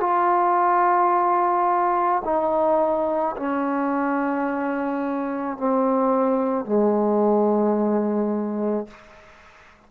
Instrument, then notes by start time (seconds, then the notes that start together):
trombone
0.00 F4
2.24 D#4
3.37 C#4
5.58 C4
6.65 G#3